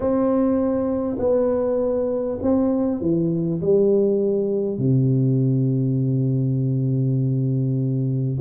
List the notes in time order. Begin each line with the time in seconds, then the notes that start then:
0.00 C4
1.18 B3
2.42 C4
3.00 E3
3.61 G3
4.77 C3